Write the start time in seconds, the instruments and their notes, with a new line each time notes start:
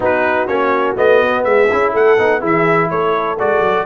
0.00 tuba B3, trombone D#4, horn F#4, trumpet B4
0.47 tuba A#3, trombone C#4, trumpet C#5
0.95 tuba A3, trombone B3, trumpet D#5
1.21 tuba B3
1.43 tuba G#3, horn G#4, trumpet E5
1.72 tuba C#4, trombone E4
1.92 tuba A3, horn A4, trumpet F#5
2.18 tuba B3, trombone D#4
2.39 tuba E3, trombone E4, horn G#4, trumpet E5
2.89 tuba A3, horn A4, trumpet C#5
3.39 tuba G#3, trombone F#4, trumpet D5
3.60 tuba F#3